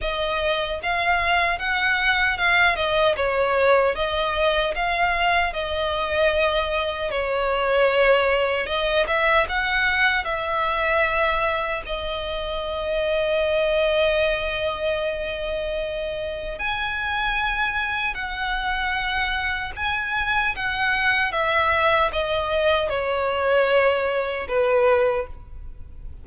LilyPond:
\new Staff \with { instrumentName = "violin" } { \time 4/4 \tempo 4 = 76 dis''4 f''4 fis''4 f''8 dis''8 | cis''4 dis''4 f''4 dis''4~ | dis''4 cis''2 dis''8 e''8 | fis''4 e''2 dis''4~ |
dis''1~ | dis''4 gis''2 fis''4~ | fis''4 gis''4 fis''4 e''4 | dis''4 cis''2 b'4 | }